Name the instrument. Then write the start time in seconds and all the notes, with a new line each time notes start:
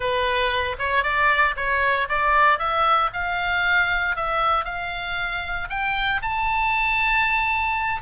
oboe
0.00 B4
0.78 C#5
1.03 D5
1.56 C#5
2.09 D5
2.58 E5
3.13 F5
4.15 E5
4.65 F5
5.69 G5
6.21 A5